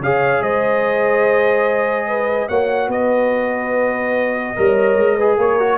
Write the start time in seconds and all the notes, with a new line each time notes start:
0.00 C#3 G#4 C#5 F5
0.41 G#3 C5 D#5
2.08 B4
2.48 A#3 F#4 C#5 F#5
2.88 B3 B4 D#5
4.56 G3 A#4 C#5
4.97 G#3
5.16 G#4 B4
5.37 A#3 A#4 C#5
5.60 F#4